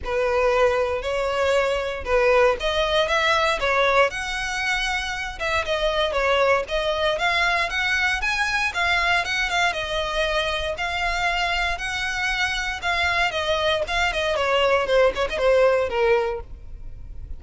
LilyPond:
\new Staff \with { instrumentName = "violin" } { \time 4/4 \tempo 4 = 117 b'2 cis''2 | b'4 dis''4 e''4 cis''4 | fis''2~ fis''8 e''8 dis''4 | cis''4 dis''4 f''4 fis''4 |
gis''4 f''4 fis''8 f''8 dis''4~ | dis''4 f''2 fis''4~ | fis''4 f''4 dis''4 f''8 dis''8 | cis''4 c''8 cis''16 dis''16 c''4 ais'4 | }